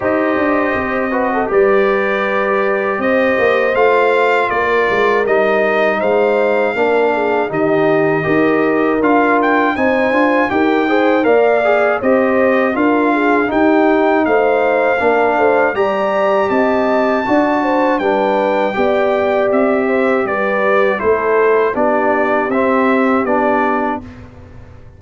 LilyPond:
<<
  \new Staff \with { instrumentName = "trumpet" } { \time 4/4 \tempo 4 = 80 dis''2 d''2 | dis''4 f''4 d''4 dis''4 | f''2 dis''2 | f''8 g''8 gis''4 g''4 f''4 |
dis''4 f''4 g''4 f''4~ | f''4 ais''4 a''2 | g''2 e''4 d''4 | c''4 d''4 e''4 d''4 | }
  \new Staff \with { instrumentName = "horn" } { \time 4/4 c''4. b'16 a'16 b'2 | c''2 ais'2 | c''4 ais'8 gis'8 g'4 ais'4~ | ais'4 c''4 ais'8 c''8 d''4 |
c''4 ais'8 gis'8 g'4 c''4 | ais'8 c''8 d''4 dis''4 d''8 c''8 | b'4 d''4. c''8 b'4 | a'4 g'2. | }
  \new Staff \with { instrumentName = "trombone" } { \time 4/4 g'4. fis'8 g'2~ | g'4 f'2 dis'4~ | dis'4 d'4 dis'4 g'4 | f'4 dis'8 f'8 g'8 gis'8 ais'8 gis'8 |
g'4 f'4 dis'2 | d'4 g'2 fis'4 | d'4 g'2. | e'4 d'4 c'4 d'4 | }
  \new Staff \with { instrumentName = "tuba" } { \time 4/4 dis'8 d'8 c'4 g2 | c'8 ais8 a4 ais8 gis8 g4 | gis4 ais4 dis4 dis'4 | d'4 c'8 d'8 dis'4 ais4 |
c'4 d'4 dis'4 a4 | ais8 a8 g4 c'4 d'4 | g4 b4 c'4 g4 | a4 b4 c'4 b4 | }
>>